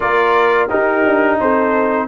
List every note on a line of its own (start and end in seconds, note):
0.00 0.70 A#3
0.00 0.69 F4
0.00 0.69 A#4
0.00 0.69 D5
0.69 2.08 D#4
0.69 1.05 D#4
0.69 1.39 G4
0.69 1.39 A#4
1.05 1.40 D4
1.40 2.08 C4
1.40 2.08 A4
1.40 2.08 C5